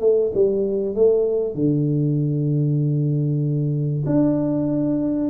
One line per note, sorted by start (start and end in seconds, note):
0.00 0.31 A3
0.34 0.95 G3
0.95 1.54 A3
1.54 4.04 D3
4.06 5.30 D4